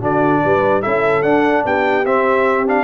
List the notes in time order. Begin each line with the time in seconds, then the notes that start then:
0.00 D3 D4 F#4 D5
0.44 G3 B4
0.82 C#4 E4 A4 E5
1.22 D4 F#5
1.64 B3 G4 G5
2.05 C4 E5
2.66 D4 F5